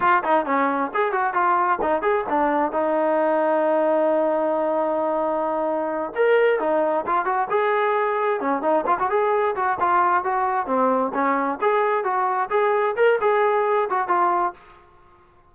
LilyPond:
\new Staff \with { instrumentName = "trombone" } { \time 4/4 \tempo 4 = 132 f'8 dis'8 cis'4 gis'8 fis'8 f'4 | dis'8 gis'8 d'4 dis'2~ | dis'1~ | dis'4. ais'4 dis'4 f'8 |
fis'8 gis'2 cis'8 dis'8 f'16 fis'16 | gis'4 fis'8 f'4 fis'4 c'8~ | c'8 cis'4 gis'4 fis'4 gis'8~ | gis'8 ais'8 gis'4. fis'8 f'4 | }